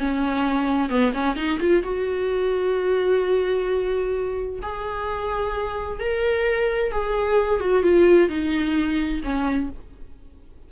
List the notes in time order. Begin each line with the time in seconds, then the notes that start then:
0.00 C#4
0.90 B3
1.14 C#4
1.36 D#4
1.60 F4
1.83 F#4
4.63 G#4
6.00 A#4
6.92 G#4
7.61 F#4
7.83 F4
8.30 D#4
9.24 C#4